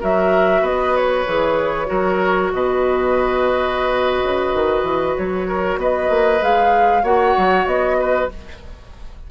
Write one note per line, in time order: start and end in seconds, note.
0.00 0.61 F#3
0.00 1.25 F#4
0.00 0.62 A#4
0.00 0.65 E5
0.61 1.24 B3
0.61 1.87 B4
0.61 0.96 D#5
0.96 2.52 C#5
1.27 1.89 E3
1.27 1.85 G#4
1.85 2.52 F#3
1.85 6.39 F#4
1.85 2.51 A#4
2.52 4.22 B2
2.52 5.48 B4
2.52 5.17 D#5
4.22 4.54 C#3
4.54 4.82 D#3
4.82 5.14 E3
5.17 5.77 F#3
5.17 5.79 C#5
5.48 5.79 A#4
5.77 6.08 B3
5.77 7.03 B4
5.77 6.43 D#5
6.09 6.40 A#3
6.40 7.03 G#3
6.40 7.03 G#4
6.40 7.04 F5
7.03 7.34 A#3
7.03 8.29 F#4
7.03 7.96 C#5
7.03 7.67 F#5
7.37 7.66 F#3
7.66 8.28 B3
7.66 8.29 D#5
7.99 8.30 B4